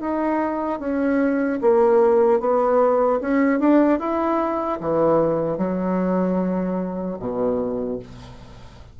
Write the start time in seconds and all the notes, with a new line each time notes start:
0.00 D#4
0.79 C#4
1.61 A#3
2.40 B3
3.20 C#4
3.59 D4
3.99 E4
4.80 E3
5.57 F#3
7.19 B2